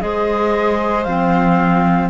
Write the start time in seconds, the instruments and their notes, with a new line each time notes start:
0.00 cello G#3, clarinet G#4, viola C5, flute D#5
1.04 cello F3, clarinet C4, flute F5